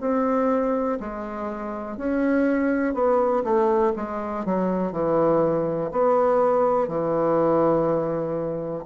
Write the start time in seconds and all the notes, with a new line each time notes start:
0.00 C4
1.00 G#3
1.97 C#4
2.94 B3
3.44 A3
3.96 G#3
4.45 F#3
4.92 E3
5.92 B3
6.88 E3